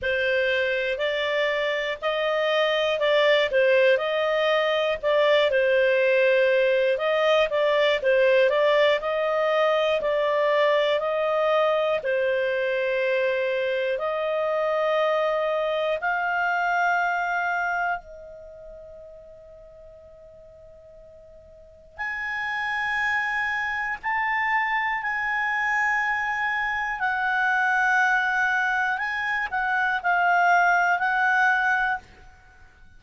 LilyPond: \new Staff \with { instrumentName = "clarinet" } { \time 4/4 \tempo 4 = 60 c''4 d''4 dis''4 d''8 c''8 | dis''4 d''8 c''4. dis''8 d''8 | c''8 d''8 dis''4 d''4 dis''4 | c''2 dis''2 |
f''2 dis''2~ | dis''2 gis''2 | a''4 gis''2 fis''4~ | fis''4 gis''8 fis''8 f''4 fis''4 | }